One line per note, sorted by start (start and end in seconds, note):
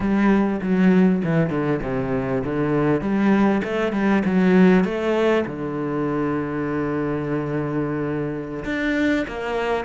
0.00 0.60 G3
0.61 1.22 F#3
1.23 1.50 E3
1.50 1.80 D3
1.82 2.43 C3
2.44 3.01 D3
3.01 3.61 G3
3.64 3.92 A3
3.92 4.23 G3
4.25 4.84 F#3
4.84 5.45 A3
5.46 8.64 D3
8.64 9.25 D4
9.27 9.84 A#3